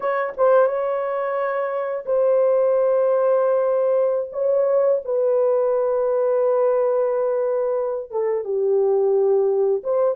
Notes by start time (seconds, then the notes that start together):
0.00 C#5
0.37 C5
0.66 C#5
2.05 C5
4.32 C#5
5.04 B4
8.10 A4
8.44 G4
9.83 C5